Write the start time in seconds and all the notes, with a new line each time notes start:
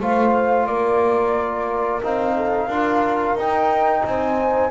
0.00 A3 F4 C5 F5
0.66 A#3 A#4 D5
2.02 C4 D#4 F5
2.36 A4
2.67 D4 F4 A#4
3.35 D#4 G5
4.04 C4 C5 G#5